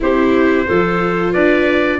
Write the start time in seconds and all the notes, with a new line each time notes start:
0.00 C4 E4 G4 C5
0.66 F3 F4 A4
1.32 D4 B4 D5